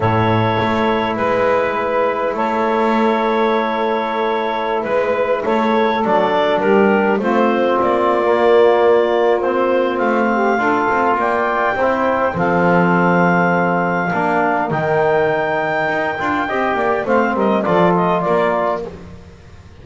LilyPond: <<
  \new Staff \with { instrumentName = "clarinet" } { \time 4/4 \tempo 4 = 102 cis''2 b'2 | cis''1~ | cis''16 b'4 cis''4 d''4 ais'8.~ | ais'16 c''4 d''2~ d''8. |
c''4 f''2 g''4~ | g''4 f''2.~ | f''4 g''2.~ | g''4 f''8 dis''8 d''8 dis''8 d''4 | }
  \new Staff \with { instrumentName = "saxophone" } { \time 4/4 a'2 b'2 | a'1~ | a'16 b'4 a'2 g'8.~ | g'16 f'2.~ f'8.~ |
f'4. g'8 a'4 d''4 | c''4 a'2. | ais'1 | dis''8 d''8 c''8 ais'8 a'4 ais'4 | }
  \new Staff \with { instrumentName = "trombone" } { \time 4/4 e'1~ | e'1~ | e'2~ e'16 d'4.~ d'16~ | d'16 c'4.~ c'16 ais2 |
c'2 f'2 | e'4 c'2. | d'4 dis'2~ dis'8 f'8 | g'4 c'4 f'2 | }
  \new Staff \with { instrumentName = "double bass" } { \time 4/4 a,4 a4 gis2 | a1~ | a16 gis4 a4 fis4 g8.~ | g16 a4 ais2~ ais8.~ |
ais4 a4 d'8 c'8 ais4 | c'4 f2. | ais4 dis2 dis'8 d'8 | c'8 ais8 a8 g8 f4 ais4 | }
>>